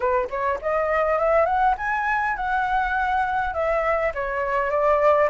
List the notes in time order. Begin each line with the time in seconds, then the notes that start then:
0.00 B4
0.29 C#5
0.61 D#5
1.18 E5
1.45 F#5
1.77 G#5
2.36 F#5
3.53 E5
4.14 C#5
4.70 D5